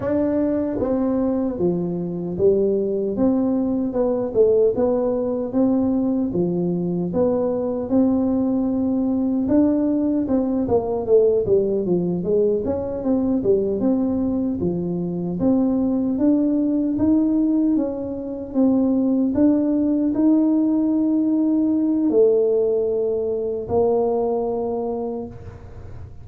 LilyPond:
\new Staff \with { instrumentName = "tuba" } { \time 4/4 \tempo 4 = 76 d'4 c'4 f4 g4 | c'4 b8 a8 b4 c'4 | f4 b4 c'2 | d'4 c'8 ais8 a8 g8 f8 gis8 |
cis'8 c'8 g8 c'4 f4 c'8~ | c'8 d'4 dis'4 cis'4 c'8~ | c'8 d'4 dis'2~ dis'8 | a2 ais2 | }